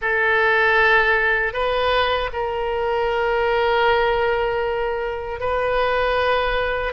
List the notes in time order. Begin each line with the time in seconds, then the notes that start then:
0.01 A4
1.53 B4
2.32 A#4
5.40 B4